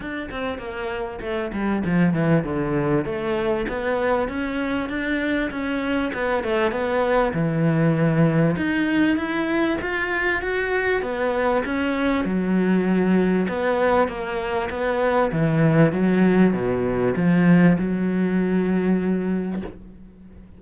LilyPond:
\new Staff \with { instrumentName = "cello" } { \time 4/4 \tempo 4 = 98 d'8 c'8 ais4 a8 g8 f8 e8 | d4 a4 b4 cis'4 | d'4 cis'4 b8 a8 b4 | e2 dis'4 e'4 |
f'4 fis'4 b4 cis'4 | fis2 b4 ais4 | b4 e4 fis4 b,4 | f4 fis2. | }